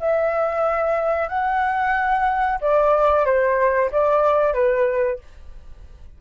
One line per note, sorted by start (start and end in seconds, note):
0.00 1.29 E5
1.29 2.59 F#5
2.61 3.26 D5
3.26 3.91 C5
3.92 4.54 D5
4.54 5.19 B4